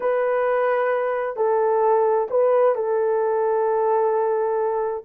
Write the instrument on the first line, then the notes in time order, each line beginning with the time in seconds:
horn
0.00 B4
1.36 A4
2.30 B4
2.75 A4